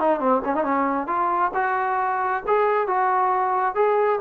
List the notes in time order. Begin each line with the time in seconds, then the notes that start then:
0.00 D#4
0.20 C4
0.45 C#4
0.56 D#4
0.64 C#4
1.07 F4
1.55 F#4
2.47 G#4
2.88 F#4
3.75 G#4